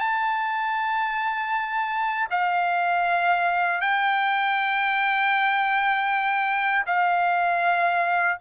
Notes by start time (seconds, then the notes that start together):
0.00 A5
2.31 F5
3.81 G5
6.86 F5